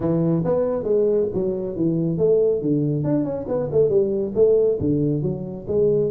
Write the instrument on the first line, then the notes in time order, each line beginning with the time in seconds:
tuba
0.00 E3
0.44 B3
0.83 G#3
1.33 F#3
1.75 E3
2.18 A3
2.61 D3
3.03 D4
3.24 C#4
3.47 B3
3.71 A3
3.89 G3
4.35 A3
4.79 D3
5.22 F#3
5.67 G#3